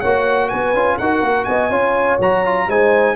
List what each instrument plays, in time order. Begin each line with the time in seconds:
0.00 tuba A#3, trombone F#4, horn C#5, trumpet F#5
0.49 tuba B3, horn B4, trumpet G#5
0.74 tuba C#4, trombone F4
0.98 tuba D#4, trombone F#4, horn A#4, trumpet F#5
1.21 tuba A#3
1.45 tuba B3, horn D#5, trumpet G#5
1.70 tuba C#4, trombone F4, horn C#5
2.20 tuba F#3, trombone F#4, trumpet A#5
2.45 trombone F4
2.68 tuba G#3, trombone D#4, horn C5, trumpet G#5